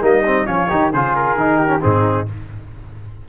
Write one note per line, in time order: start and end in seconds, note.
0.00 0.47 G3
0.00 0.22 A#3
0.00 0.46 D#4
0.00 0.46 D#5
0.25 0.45 C4
0.45 0.69 F3
0.45 0.68 C#4
0.45 0.69 F4
0.45 0.91 C#5
0.69 0.93 D#3
0.69 0.91 D#4
0.69 0.91 G4
0.92 1.36 C#3
0.92 1.37 F4
0.92 1.59 G#4
0.92 1.15 C5
1.15 1.82 A#4
1.36 1.81 D#3
1.36 1.68 D#4
1.59 1.81 G4
1.68 1.79 C#4
1.81 2.28 G#2
1.81 2.26 C4
1.81 2.27 D#4
1.81 2.27 G#4